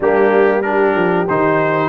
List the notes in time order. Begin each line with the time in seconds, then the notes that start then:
0.00 G3 A#3 D4 G4
0.62 D4 G4 A#4
0.95 F3
1.28 D#3 D#4 C5